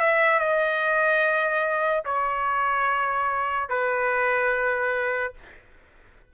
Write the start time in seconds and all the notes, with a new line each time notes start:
0.00 E5
0.40 D#5
2.05 C#5
3.69 B4